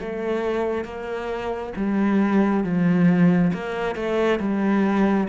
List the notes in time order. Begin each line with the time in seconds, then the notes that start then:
0.00 A3
0.85 A#3
1.76 G3
2.64 F3
3.53 A#3
3.95 A3
4.39 G3